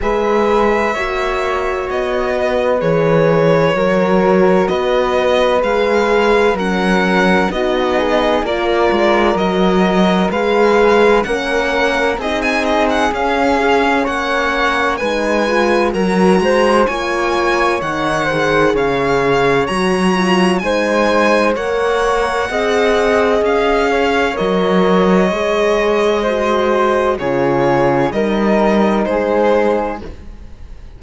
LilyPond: <<
  \new Staff \with { instrumentName = "violin" } { \time 4/4 \tempo 4 = 64 e''2 dis''4 cis''4~ | cis''4 dis''4 f''4 fis''4 | dis''4 d''4 dis''4 f''4 | fis''4 dis''16 gis''16 dis''16 fis''16 f''4 fis''4 |
gis''4 ais''4 gis''4 fis''4 | f''4 ais''4 gis''4 fis''4~ | fis''4 f''4 dis''2~ | dis''4 cis''4 dis''4 c''4 | }
  \new Staff \with { instrumentName = "flute" } { \time 4/4 b'4 cis''4. b'4. | ais'4 b'2 ais'4 | fis'8 gis'8 ais'2 b'4 | ais'4 gis'2 cis''4 |
b'4 ais'8 c''8 cis''4. c''8 | cis''2 c''4 cis''4 | dis''4. cis''2~ cis''8 | c''4 gis'4 ais'4 gis'4 | }
  \new Staff \with { instrumentName = "horn" } { \time 4/4 gis'4 fis'2 gis'4 | fis'2 gis'4 cis'4 | dis'4 f'4 fis'4 gis'4 | cis'4 dis'4 cis'8 gis'16 cis'4~ cis'16 |
dis'8 f'8 fis'4 f'4 dis'8 gis'8~ | gis'4 fis'8 f'8 dis'4 ais'4 | gis'2 ais'4 gis'4 | fis'4 f'4 dis'2 | }
  \new Staff \with { instrumentName = "cello" } { \time 4/4 gis4 ais4 b4 e4 | fis4 b4 gis4 fis4 | b4 ais8 gis8 fis4 gis4 | ais4 c'4 cis'4 ais4 |
gis4 fis8 gis8 ais4 dis4 | cis4 fis4 gis4 ais4 | c'4 cis'4 fis4 gis4~ | gis4 cis4 g4 gis4 | }
>>